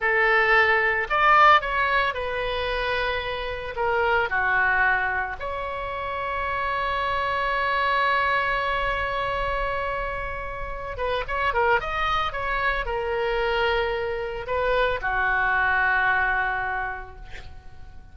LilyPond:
\new Staff \with { instrumentName = "oboe" } { \time 4/4 \tempo 4 = 112 a'2 d''4 cis''4 | b'2. ais'4 | fis'2 cis''2~ | cis''1~ |
cis''1~ | cis''8 b'8 cis''8 ais'8 dis''4 cis''4 | ais'2. b'4 | fis'1 | }